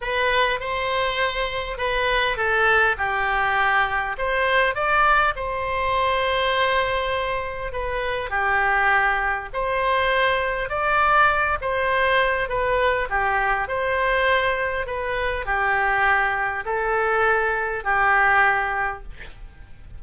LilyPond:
\new Staff \with { instrumentName = "oboe" } { \time 4/4 \tempo 4 = 101 b'4 c''2 b'4 | a'4 g'2 c''4 | d''4 c''2.~ | c''4 b'4 g'2 |
c''2 d''4. c''8~ | c''4 b'4 g'4 c''4~ | c''4 b'4 g'2 | a'2 g'2 | }